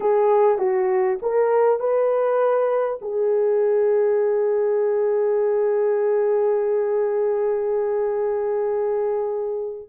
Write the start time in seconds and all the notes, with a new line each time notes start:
0.00 G#4
0.58 F#4
1.22 A#4
1.79 B4
3.01 G#4